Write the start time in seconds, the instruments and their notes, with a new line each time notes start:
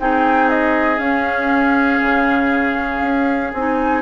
0.00 bassoon C4, clarinet D#4, oboe G#4, flute G5
0.50 flute D#5
0.99 clarinet C#4, bassoon C#4, flute F5
2.01 bassoon C#3
3.02 bassoon C#4
3.53 bassoon C4, clarinet D#4, flute G#5